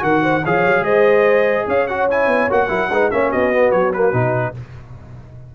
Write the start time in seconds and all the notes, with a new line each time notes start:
0.00 D#3 F#4 A#4 F#5
0.23 C5
0.44 F3 G#4 C#5 F5
0.66 F#3
0.81 G#3 C5 D#5
1.66 C#4 C#5 F5
1.87 F#4 F#5
2.10 E4 G#5
2.27 B3
2.50 A#3 F#4 F#5
2.68 F#3 E4 A#4
2.89 G#3 D#4 B4
3.11 A#3 C#4 C#5 E5
3.29 B3 F#4 D#5
3.53 B3
3.71 F#3 C#5
3.93 A#3 B4
4.13 B2 D#4